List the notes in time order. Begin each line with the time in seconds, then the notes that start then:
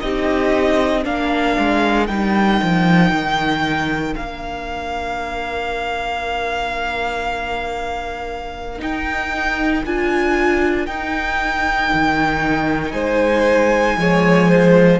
0.00 C4 D#4 G4 D#5
1.03 A#3 D4 A#4 F5
1.58 G#3
2.07 G3 D#4 G5
2.62 F3
3.11 D#3
4.14 A#3 D4 F5
8.79 D#4 G5
9.85 D4 F4 G#5
10.86 D#4 G5
11.93 D#3
12.92 G#3 C5 G#5
13.97 F3 G#3 C#5
14.49 C5